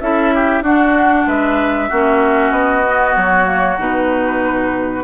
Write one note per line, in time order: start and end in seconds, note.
0.00 0.62 C#4
0.00 0.64 E4
0.00 0.34 A4
0.00 0.63 E5
0.34 0.63 G4
0.62 1.25 D4
0.62 1.91 D4
0.62 1.26 F#4
0.62 1.28 F#5
1.26 1.89 G#3
1.26 1.89 B4
1.26 2.52 E5
1.89 2.51 A#3
1.89 2.84 C#4
1.89 5.04 F#4
2.51 3.14 B3
2.51 3.15 D#5
2.84 3.44 B3
3.16 3.78 F#3
3.16 3.79 C#5
3.44 3.76 A#3
3.78 5.04 B2
3.78 5.04 D#4
3.78 5.04 B4